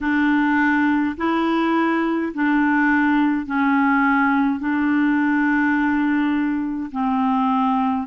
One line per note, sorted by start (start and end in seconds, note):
0.00 1.15 D4
1.17 2.32 E4
2.33 3.46 D4
3.46 4.59 C#4
4.59 6.90 D4
6.91 8.07 C4